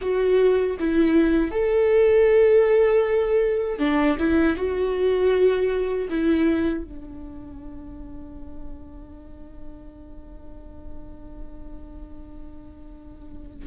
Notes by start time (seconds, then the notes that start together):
0.01 F#4
0.79 E4
1.51 A4
3.78 D4
4.18 E4
4.56 F#4
6.09 E4
6.84 D4